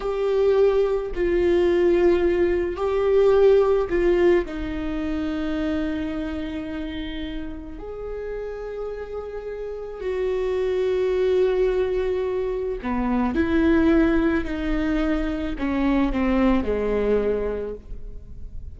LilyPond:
\new Staff \with { instrumentName = "viola" } { \time 4/4 \tempo 4 = 108 g'2 f'2~ | f'4 g'2 f'4 | dis'1~ | dis'2 gis'2~ |
gis'2 fis'2~ | fis'2. b4 | e'2 dis'2 | cis'4 c'4 gis2 | }